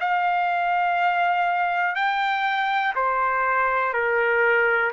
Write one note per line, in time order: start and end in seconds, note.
0.00 1.95 F5
1.95 2.94 G5
2.96 3.93 C5
3.93 4.92 A#4